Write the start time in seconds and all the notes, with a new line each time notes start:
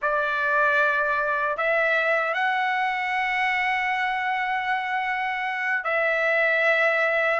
0.01 D5
1.57 E5
2.34 F#5
5.84 E5